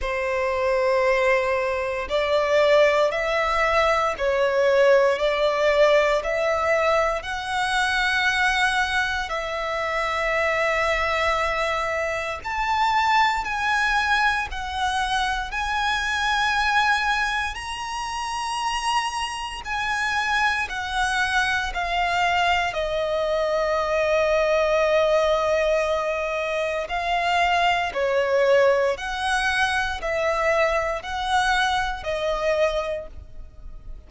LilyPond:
\new Staff \with { instrumentName = "violin" } { \time 4/4 \tempo 4 = 58 c''2 d''4 e''4 | cis''4 d''4 e''4 fis''4~ | fis''4 e''2. | a''4 gis''4 fis''4 gis''4~ |
gis''4 ais''2 gis''4 | fis''4 f''4 dis''2~ | dis''2 f''4 cis''4 | fis''4 e''4 fis''4 dis''4 | }